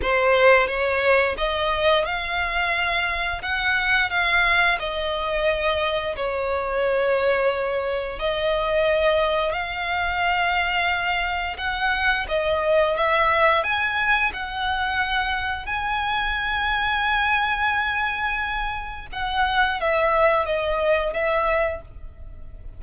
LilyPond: \new Staff \with { instrumentName = "violin" } { \time 4/4 \tempo 4 = 88 c''4 cis''4 dis''4 f''4~ | f''4 fis''4 f''4 dis''4~ | dis''4 cis''2. | dis''2 f''2~ |
f''4 fis''4 dis''4 e''4 | gis''4 fis''2 gis''4~ | gis''1 | fis''4 e''4 dis''4 e''4 | }